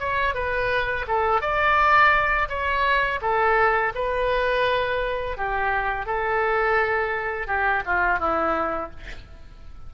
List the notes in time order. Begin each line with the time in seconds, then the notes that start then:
0.00 C#5
0.35 B4
1.08 A4
1.42 D5
2.49 C#5
3.22 A4
3.95 B4
5.37 G4
6.06 A4
7.48 G4
7.86 F4
8.19 E4